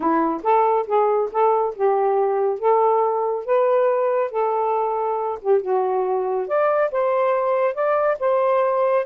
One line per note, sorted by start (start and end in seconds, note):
0.00 0.41 E4
0.43 0.86 A4
0.87 1.30 G#4
1.31 1.74 A4
1.75 2.59 G4
2.59 3.45 A4
3.45 4.30 B4
4.30 5.38 A4
5.41 5.61 G4
5.61 6.47 F#4
6.47 6.91 D5
6.91 7.74 C5
7.74 8.17 D5
8.19 9.05 C5